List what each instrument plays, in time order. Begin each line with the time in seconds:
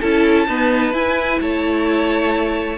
0.00 cello C#4, viola E4, violin A4 A5
0.47 viola B3, cello D#4, violin B4
0.92 viola E4, cello E4, violin G#5
1.40 cello A3, violin C#5 A5